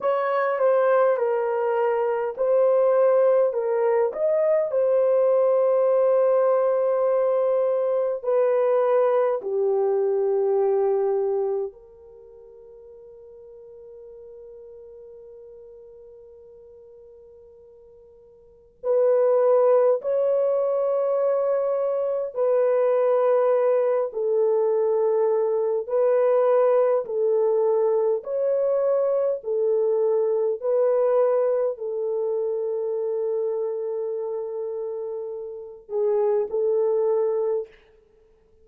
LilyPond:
\new Staff \with { instrumentName = "horn" } { \time 4/4 \tempo 4 = 51 cis''8 c''8 ais'4 c''4 ais'8 dis''8 | c''2. b'4 | g'2 ais'2~ | ais'1 |
b'4 cis''2 b'4~ | b'8 a'4. b'4 a'4 | cis''4 a'4 b'4 a'4~ | a'2~ a'8 gis'8 a'4 | }